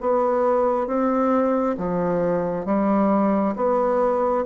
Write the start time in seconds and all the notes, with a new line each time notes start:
0.00 B3
0.86 C4
1.77 F3
2.65 G3
3.55 B3